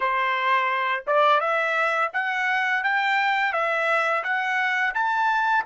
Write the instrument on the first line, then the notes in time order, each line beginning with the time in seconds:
trumpet
0.00 C5
1.07 D5
1.40 E5
2.13 F#5
2.83 G5
3.52 E5
4.23 F#5
4.94 A5